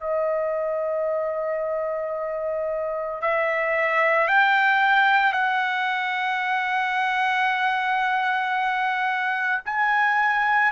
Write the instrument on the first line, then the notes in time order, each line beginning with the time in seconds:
trumpet
0.00 D#5
3.21 E5
4.28 G5
5.33 F#5
9.65 G#5